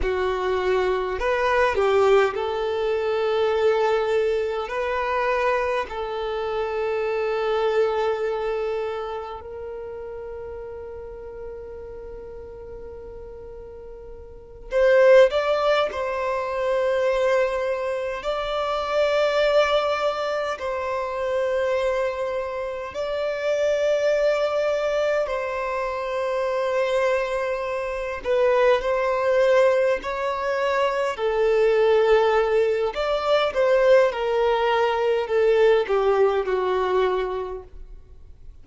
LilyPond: \new Staff \with { instrumentName = "violin" } { \time 4/4 \tempo 4 = 51 fis'4 b'8 g'8 a'2 | b'4 a'2. | ais'1~ | ais'8 c''8 d''8 c''2 d''8~ |
d''4. c''2 d''8~ | d''4. c''2~ c''8 | b'8 c''4 cis''4 a'4. | d''8 c''8 ais'4 a'8 g'8 fis'4 | }